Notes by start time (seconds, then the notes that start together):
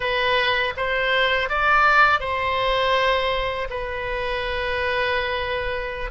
0.00 B4
0.76 C5
1.49 D5
2.20 C5
3.70 B4